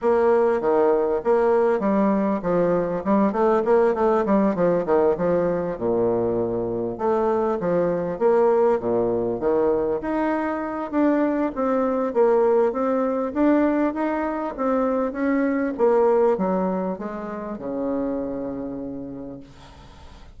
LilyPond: \new Staff \with { instrumentName = "bassoon" } { \time 4/4 \tempo 4 = 99 ais4 dis4 ais4 g4 | f4 g8 a8 ais8 a8 g8 f8 | dis8 f4 ais,2 a8~ | a8 f4 ais4 ais,4 dis8~ |
dis8 dis'4. d'4 c'4 | ais4 c'4 d'4 dis'4 | c'4 cis'4 ais4 fis4 | gis4 cis2. | }